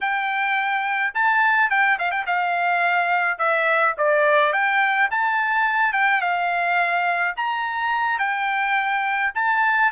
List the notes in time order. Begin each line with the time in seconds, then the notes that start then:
0.01 G5
1.14 A5
1.70 G5
1.99 F5
2.11 G5
2.26 F5
3.38 E5
3.97 D5
4.52 G5
5.10 A5
5.93 G5
6.21 F5
7.36 A#5
8.18 G5
9.34 A5